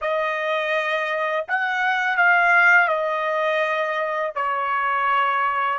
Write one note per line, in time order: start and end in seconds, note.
0.01 1.45 D#5
1.48 2.17 F#5
2.17 2.88 F5
2.88 4.32 D#5
4.35 5.78 C#5